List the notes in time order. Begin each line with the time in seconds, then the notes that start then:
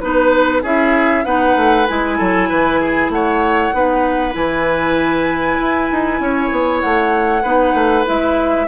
0.00 B3 D#4 B4
0.62 C#4 E4 G#4 E5
1.24 B3 D#4 B4 F#5
1.56 A3
1.87 G#3 E4 G#5
2.17 F#3 A4
2.49 E3 B4
2.80 G#4
3.08 A3 C#5 F#5
3.73 B3 D#4 B4
4.32 E3 E4 G#5
5.59 E4
5.91 D#4
6.19 C#4 C#5
6.51 B3
6.80 A3 F#5
7.42 B3 D#4 B4
7.73 A3
8.05 G#3 E4 E5